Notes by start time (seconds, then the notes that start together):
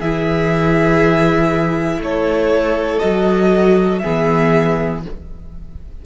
0.00 E3 E4 G#4 E5
1.98 A3 C#5
2.05 A4
3.00 F#3 F#4 D#5
3.99 B3 G#4 E5
4.06 E3